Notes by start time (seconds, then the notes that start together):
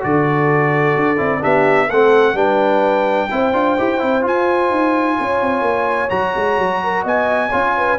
0.00 D3 F#4 A4 D5
0.95 D4
1.17 C4 E4
1.40 B3 D4 G4 E5
1.87 A3 C4 A4 F#5
2.33 G3 D4 B4 G5
3.31 C4 E4 C5
3.53 D4 F4
3.78 E4 G4
3.98 C4 E4
4.21 F4 G#5
4.70 D#4
5.18 C#4 C#5
5.42 C4
5.61 A#3
6.09 F#3 F#4 A#5
6.36 G#3
6.58 F#3
6.83 A#4
7.03 B3 D#5 G#5
7.49 C#4 F4 C#5
7.76 B4